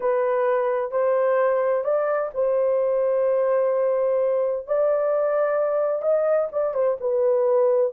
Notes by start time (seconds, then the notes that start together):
0.00 B4
0.91 C5
1.84 D5
2.34 C5
4.66 D5
6.02 D#5
6.52 D5
6.73 C5
7.00 B4